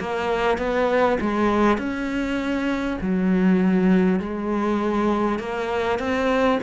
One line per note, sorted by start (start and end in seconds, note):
0.00 0.58 A#3
0.58 1.18 B3
1.21 1.78 G#3
1.78 2.98 C#4
3.01 4.20 F#3
4.20 5.39 G#3
5.39 5.99 A#3
5.99 6.59 C4